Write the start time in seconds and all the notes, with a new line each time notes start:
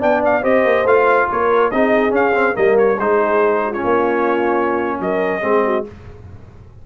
0.00 B3 D4 D5 G5
0.25 F5
0.42 C4 G4 C5 D#5
0.65 A#3
0.85 A3 F4 F5
1.30 A#3 A#4 C#5
1.71 C4 D#4 G#4 D#5
2.10 C#4 F5
2.35 C4
2.55 G3 A#3 A#4 D#5
2.78 C#5
2.98 G#3 D#4 G#4 C5
3.66 F4 F#4
3.74 C#4 C#5
3.85 A#3
5.01 F#3 A#4 D#5
5.41 G#3 C4 G#4
5.65 F#4